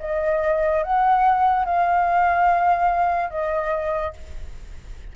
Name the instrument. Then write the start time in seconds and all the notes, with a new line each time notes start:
flute
0.00 D#5
0.83 F#5
1.65 F5
3.30 D#5